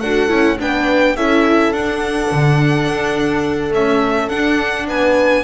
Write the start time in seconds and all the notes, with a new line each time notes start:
0.00 D4 F#4 A4 F#5
0.29 C#4 E4
0.59 B3 D4 B4 G5
1.17 C#4 E4 A4 E5
1.72 D4 F#5
2.32 D3
2.88 D4
3.71 A3 C#4 E5
4.29 D4 F#5
4.88 B3 B4 G#5